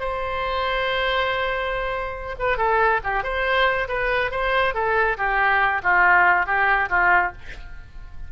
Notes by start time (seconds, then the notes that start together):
0.00 C5
2.39 B4
2.58 A4
3.04 G4
3.24 C5
3.88 B4
4.31 C5
4.74 A4
5.18 G4
5.83 F4
6.46 G4
6.90 F4